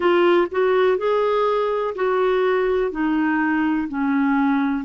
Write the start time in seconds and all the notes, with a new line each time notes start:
0.00 F4
0.51 F#4
0.97 G#4
1.95 F#4
2.91 D#4
3.88 C#4